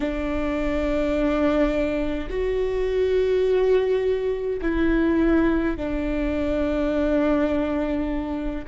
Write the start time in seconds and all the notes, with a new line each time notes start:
0.00 D4
2.29 F#4
4.61 E4
5.76 D4